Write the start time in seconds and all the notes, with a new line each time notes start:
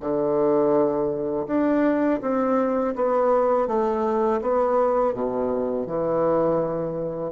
0.00 D3
1.47 D4
2.21 C4
2.95 B3
3.67 A3
4.41 B3
5.14 B2
5.86 E3